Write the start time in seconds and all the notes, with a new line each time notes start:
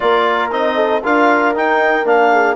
0.00 A#3 F4 A#4 D5
0.50 C4 D#4 D#5
0.75 A4
1.02 D4 F4 A#4 F5
1.55 D#4 G5
2.05 A#3 D4 F5
2.31 G#4